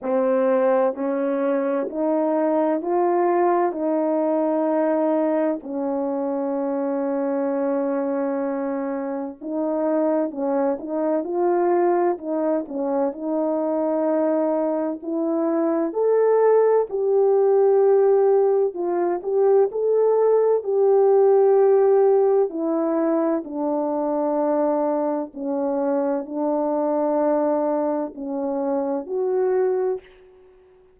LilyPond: \new Staff \with { instrumentName = "horn" } { \time 4/4 \tempo 4 = 64 c'4 cis'4 dis'4 f'4 | dis'2 cis'2~ | cis'2 dis'4 cis'8 dis'8 | f'4 dis'8 cis'8 dis'2 |
e'4 a'4 g'2 | f'8 g'8 a'4 g'2 | e'4 d'2 cis'4 | d'2 cis'4 fis'4 | }